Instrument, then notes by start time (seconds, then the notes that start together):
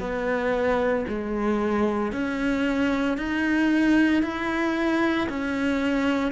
cello
0.00 B3
1.08 G#3
2.12 C#4
3.17 D#4
4.22 E4
5.29 C#4